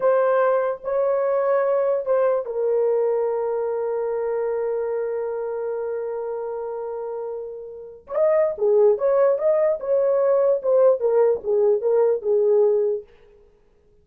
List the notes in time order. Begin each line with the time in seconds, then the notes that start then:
0.00 C5
0.84 C#5
2.05 C5
2.45 A#4
8.07 C#5
8.14 D#5
8.58 G#4
8.98 C#5
9.38 D#5
9.79 C#5
10.62 C5
10.99 A#4
11.43 G#4
11.81 A#4
12.22 G#4